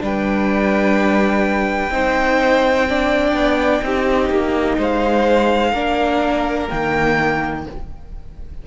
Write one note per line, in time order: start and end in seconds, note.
0.00 1.90 G3
0.00 1.90 D4
0.00 1.93 B4
0.00 4.81 G5
1.90 3.33 C4
1.90 2.87 D#4
1.90 2.89 C5
2.89 3.83 D4
2.89 3.84 D5
3.34 3.81 B3
3.83 4.30 C4
3.83 5.73 D#4
3.83 4.78 G4
4.30 4.78 A#3
4.78 5.73 G#3
4.78 5.72 C5
4.78 6.69 F5
5.72 6.68 A#3
5.72 6.69 D4
5.72 7.62 A#4
6.69 7.67 D#3
6.69 7.65 A#3
6.69 7.65 G5